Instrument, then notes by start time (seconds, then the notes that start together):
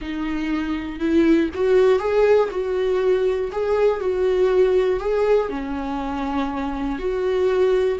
viola
0.01 D#4
0.99 E4
1.54 F#4
1.99 G#4
2.50 F#4
3.51 G#4
4.00 F#4
5.00 G#4
5.49 C#4
6.98 F#4